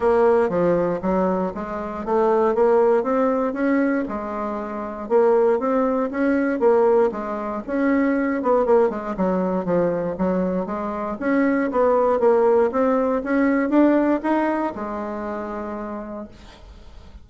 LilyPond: \new Staff \with { instrumentName = "bassoon" } { \time 4/4 \tempo 4 = 118 ais4 f4 fis4 gis4 | a4 ais4 c'4 cis'4 | gis2 ais4 c'4 | cis'4 ais4 gis4 cis'4~ |
cis'8 b8 ais8 gis8 fis4 f4 | fis4 gis4 cis'4 b4 | ais4 c'4 cis'4 d'4 | dis'4 gis2. | }